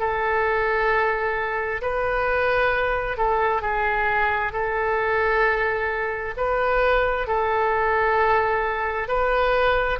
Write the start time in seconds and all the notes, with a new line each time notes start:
0.00 A4
1.82 B4
3.17 A4
3.62 G#4
4.53 A4
6.37 B4
7.28 A4
9.08 B4